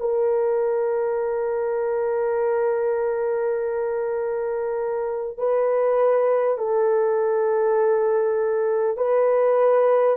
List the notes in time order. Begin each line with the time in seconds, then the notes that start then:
0.00 A#4
5.37 B4
6.57 A4
8.97 B4